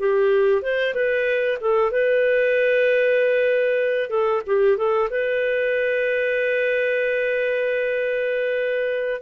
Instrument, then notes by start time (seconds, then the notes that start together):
clarinet
0.00 G4
0.62 C5
0.95 B4
1.62 A4
1.92 B4
4.10 A4
4.47 G4
4.78 A4
5.11 B4